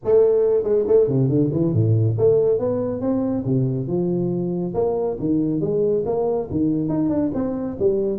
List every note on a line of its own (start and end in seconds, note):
0.04 0.63 A3
0.63 0.85 G#3
0.87 1.07 A3
1.07 1.29 C3
1.29 1.50 D3
1.52 1.73 E3
1.73 2.17 A2
2.18 2.58 A3
2.58 3.00 B3
3.00 3.43 C4
3.45 3.87 C3
3.87 4.73 F3
4.74 5.17 A#3
5.19 5.60 D#3
5.60 6.04 G#3
6.05 6.48 A#3
6.50 6.88 D#3
6.88 7.09 D#4
7.09 7.30 D4
7.33 7.77 C4
7.79 8.18 G3